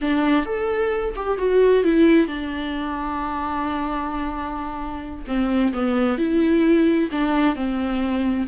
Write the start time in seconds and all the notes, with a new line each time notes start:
0.01 D4
0.45 A4
1.15 G4
1.38 F#4
1.84 E4
2.27 D4
5.27 C4
5.73 B3
6.17 E4
7.11 D4
7.55 C4